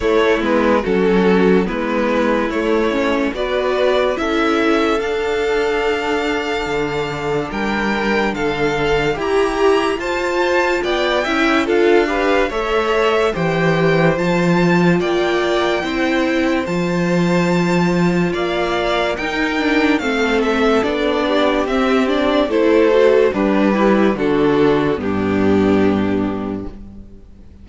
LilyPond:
<<
  \new Staff \with { instrumentName = "violin" } { \time 4/4 \tempo 4 = 72 cis''8 b'8 a'4 b'4 cis''4 | d''4 e''4 f''2~ | f''4 g''4 f''4 ais''4 | a''4 g''4 f''4 e''4 |
g''4 a''4 g''2 | a''2 f''4 g''4 | f''8 e''8 d''4 e''8 d''8 c''4 | b'4 a'4 g'2 | }
  \new Staff \with { instrumentName = "violin" } { \time 4/4 e'4 fis'4 e'2 | b'4 a'2.~ | a'4 ais'4 a'4 g'4 | c''4 d''8 e''8 a'8 b'8 cis''4 |
c''2 d''4 c''4~ | c''2 d''4 ais'4 | a'4. g'4. a'4 | d'8 e'8 fis'4 d'2 | }
  \new Staff \with { instrumentName = "viola" } { \time 4/4 a8 b8 cis'4 b4 a8 cis'8 | fis'4 e'4 d'2~ | d'2. g'4 | f'4. e'8 f'8 g'8 a'4 |
g'4 f'2 e'4 | f'2. dis'8 d'8 | c'4 d'4 c'8 d'8 e'8 fis'8 | g'4 d'4 b2 | }
  \new Staff \with { instrumentName = "cello" } { \time 4/4 a8 gis8 fis4 gis4 a4 | b4 cis'4 d'2 | d4 g4 d4 e'4 | f'4 b8 cis'8 d'4 a4 |
e4 f4 ais4 c'4 | f2 ais4 dis'4 | a4 b4 c'4 a4 | g4 d4 g,2 | }
>>